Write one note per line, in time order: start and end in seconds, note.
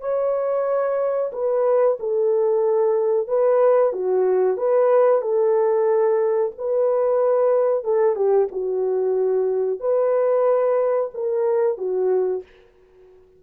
0.00 1.30 C#5
1.32 1.97 B4
1.99 3.27 A4
3.27 3.92 B4
3.92 4.57 F#4
4.57 5.21 B4
5.21 6.52 A4
6.58 7.83 B4
7.83 8.15 A4
8.15 8.48 G4
8.51 9.80 F#4
9.80 11.10 B4
11.14 11.77 A#4
11.77 12.42 F#4